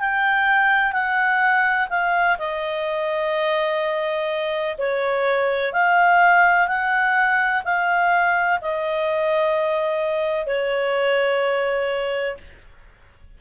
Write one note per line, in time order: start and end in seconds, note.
0.00 0.93 G5
0.93 1.88 F#5
1.90 2.37 F5
2.39 4.77 D#5
4.78 5.73 C#5
5.73 6.68 F5
6.68 7.63 F#5
7.65 8.60 F5
8.61 10.47 D#5
10.47 12.37 C#5